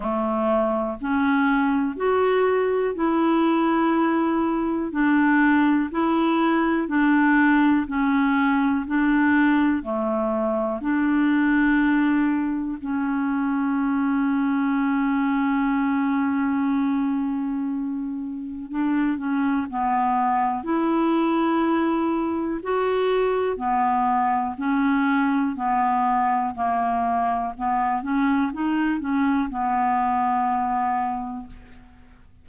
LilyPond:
\new Staff \with { instrumentName = "clarinet" } { \time 4/4 \tempo 4 = 61 a4 cis'4 fis'4 e'4~ | e'4 d'4 e'4 d'4 | cis'4 d'4 a4 d'4~ | d'4 cis'2.~ |
cis'2. d'8 cis'8 | b4 e'2 fis'4 | b4 cis'4 b4 ais4 | b8 cis'8 dis'8 cis'8 b2 | }